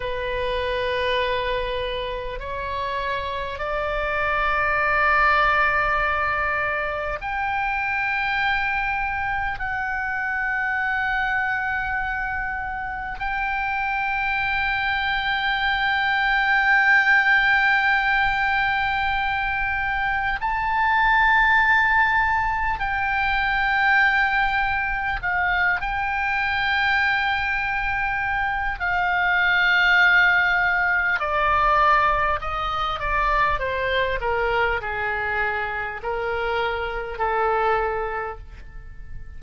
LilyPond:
\new Staff \with { instrumentName = "oboe" } { \time 4/4 \tempo 4 = 50 b'2 cis''4 d''4~ | d''2 g''2 | fis''2. g''4~ | g''1~ |
g''4 a''2 g''4~ | g''4 f''8 g''2~ g''8 | f''2 d''4 dis''8 d''8 | c''8 ais'8 gis'4 ais'4 a'4 | }